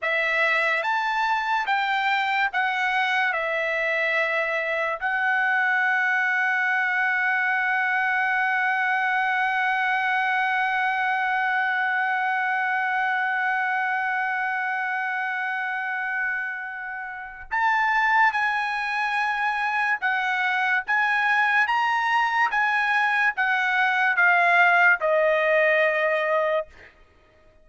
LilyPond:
\new Staff \with { instrumentName = "trumpet" } { \time 4/4 \tempo 4 = 72 e''4 a''4 g''4 fis''4 | e''2 fis''2~ | fis''1~ | fis''1~ |
fis''1~ | fis''4 a''4 gis''2 | fis''4 gis''4 ais''4 gis''4 | fis''4 f''4 dis''2 | }